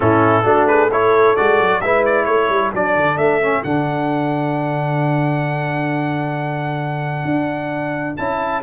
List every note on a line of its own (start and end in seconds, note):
0.00 0.44 A2
0.00 0.43 C#4
0.00 0.45 E4
0.00 0.67 A4
0.43 1.35 A3
0.43 0.89 D4
0.43 0.67 F#4
0.67 0.90 G#4
0.67 0.90 B4
0.91 1.36 E4
0.91 1.82 A4
0.91 1.36 C#5
1.36 1.60 G#3
1.36 1.82 F#4
1.36 1.81 D5
1.60 1.82 F#3
1.81 2.27 G#3
1.81 2.73 E4
1.81 2.27 B4
1.81 2.03 E5
2.05 2.25 D5
2.25 2.49 A3
2.25 8.62 A4
2.25 2.70 C#5
2.49 2.72 G3
2.73 2.95 F#3
2.73 3.41 D4
2.73 3.17 D5
2.95 3.17 D3
3.17 3.62 A3
3.17 3.63 E5
3.42 3.64 C#4
3.63 7.24 D3
3.63 8.18 D4
3.63 8.16 F#5
7.24 8.15 D4
8.16 8.62 C#4
8.16 8.62 E4
8.16 8.62 A5